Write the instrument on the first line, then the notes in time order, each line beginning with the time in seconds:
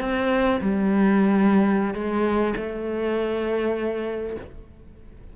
cello
0.00 C4
0.61 G3
1.94 G#3
2.56 A3